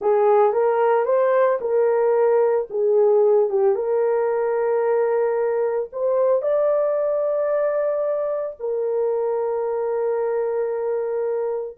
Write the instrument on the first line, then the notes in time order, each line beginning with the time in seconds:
horn
0.01 G#4
0.52 A#4
1.05 C5
1.60 A#4
2.69 G#4
3.49 G4
3.75 A#4
5.92 C5
6.42 D5
8.59 A#4